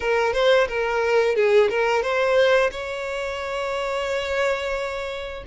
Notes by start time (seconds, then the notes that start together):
0.00 A#4
0.33 C5
0.68 A#4
1.35 G#4
1.69 A#4
2.02 C5
2.71 C#5